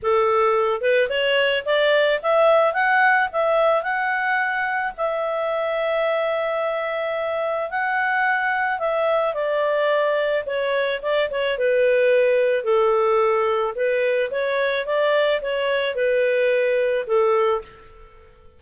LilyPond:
\new Staff \with { instrumentName = "clarinet" } { \time 4/4 \tempo 4 = 109 a'4. b'8 cis''4 d''4 | e''4 fis''4 e''4 fis''4~ | fis''4 e''2.~ | e''2 fis''2 |
e''4 d''2 cis''4 | d''8 cis''8 b'2 a'4~ | a'4 b'4 cis''4 d''4 | cis''4 b'2 a'4 | }